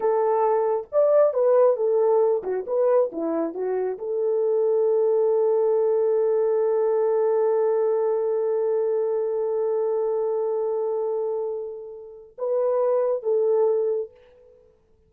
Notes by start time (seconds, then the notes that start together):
0.00 A4
0.92 D5
1.33 B4
1.76 A4
2.43 F#4
2.67 B4
3.11 E4
3.54 F#4
3.98 A4
12.38 B4
13.22 A4